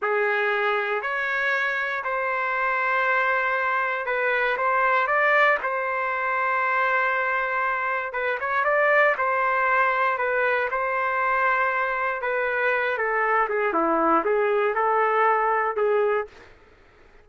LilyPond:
\new Staff \with { instrumentName = "trumpet" } { \time 4/4 \tempo 4 = 118 gis'2 cis''2 | c''1 | b'4 c''4 d''4 c''4~ | c''1 |
b'8 cis''8 d''4 c''2 | b'4 c''2. | b'4. a'4 gis'8 e'4 | gis'4 a'2 gis'4 | }